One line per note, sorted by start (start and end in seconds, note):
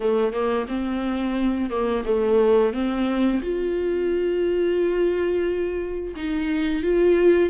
0.00 0.32 A3
0.32 0.66 A#3
0.68 1.70 C4
1.70 2.04 A#3
2.05 2.73 A3
2.73 3.41 C4
3.42 6.14 F4
6.15 6.82 D#4
6.82 7.49 F4